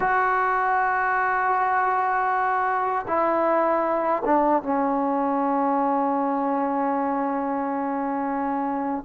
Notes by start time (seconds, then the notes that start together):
0.00 F#4
3.07 E4
4.25 D4
4.62 C#4